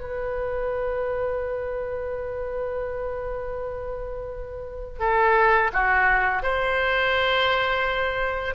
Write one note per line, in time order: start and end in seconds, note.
0.00 4.99 B4
4.99 5.70 A4
5.73 6.43 F#4
6.43 8.54 C5